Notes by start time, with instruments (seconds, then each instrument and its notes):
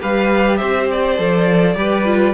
0.00 cello G3, viola G4, violin B4 F5
0.57 cello C4, violin C5 E5
0.91 violin D5
1.17 cello F3, viola A4
1.75 cello G3, viola G4, violin B4
2.05 viola F4